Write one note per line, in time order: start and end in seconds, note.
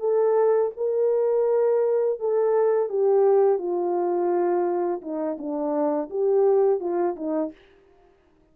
0.00 0.71 A4
0.77 2.20 A#4
2.20 2.89 A4
2.89 3.58 G4
3.58 5.01 F4
5.02 5.37 D#4
5.38 6.09 D4
6.10 6.80 G4
6.80 7.16 F4
7.16 7.52 D#4